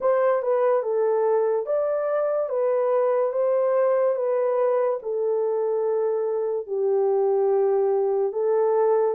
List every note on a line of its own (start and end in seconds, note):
0.00 0.42 C5
0.42 0.83 B4
0.83 1.66 A4
1.66 2.49 D5
2.49 3.32 B4
3.32 4.15 C5
4.15 4.98 B4
5.02 6.67 A4
6.67 8.32 G4
8.32 9.14 A4